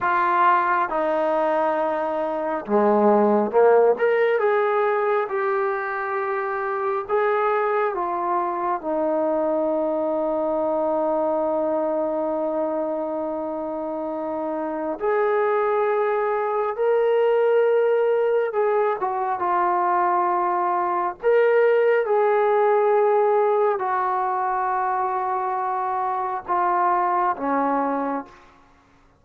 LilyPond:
\new Staff \with { instrumentName = "trombone" } { \time 4/4 \tempo 4 = 68 f'4 dis'2 gis4 | ais8 ais'8 gis'4 g'2 | gis'4 f'4 dis'2~ | dis'1~ |
dis'4 gis'2 ais'4~ | ais'4 gis'8 fis'8 f'2 | ais'4 gis'2 fis'4~ | fis'2 f'4 cis'4 | }